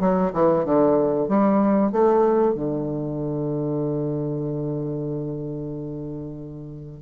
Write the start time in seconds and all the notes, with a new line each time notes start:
0.00 F#3
0.33 E3
0.64 D3
1.28 G3
1.92 A3
2.54 D3